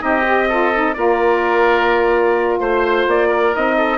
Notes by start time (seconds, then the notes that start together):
0.00 C4 D#4 G4 D#5
0.28 G4
0.49 F4 A4
0.75 D#4
0.94 A#3 F4 A#4 D5
2.60 A3 C5
3.07 A#3 D5
3.28 A#4
3.54 C4 D#4 D#5
3.77 A4